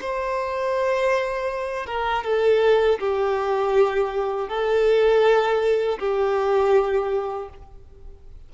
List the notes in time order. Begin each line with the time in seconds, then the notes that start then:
0.00 C5
1.86 A#4
2.24 A4
2.99 G4
4.48 A4
5.99 G4